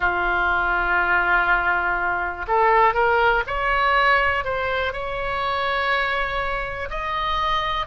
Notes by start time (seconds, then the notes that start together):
0.00 F4
2.47 A4
2.93 A#4
3.46 C#5
4.44 C5
4.92 C#5
6.90 D#5